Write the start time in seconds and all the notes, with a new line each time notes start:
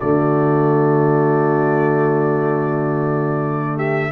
0.00 D3 A3 F#4 D5
3.76 G4 E5